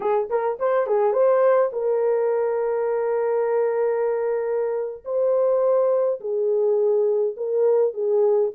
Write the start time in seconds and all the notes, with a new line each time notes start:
0.00 G#4
0.29 A#4
0.59 C5
0.86 G#4
1.12 C5
1.72 A#4
5.04 C5
6.20 G#4
7.36 A#4
7.93 G#4